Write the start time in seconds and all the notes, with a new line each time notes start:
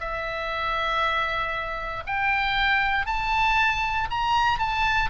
0.00 E5
2.06 G5
3.06 A5
4.10 A#5
4.59 A5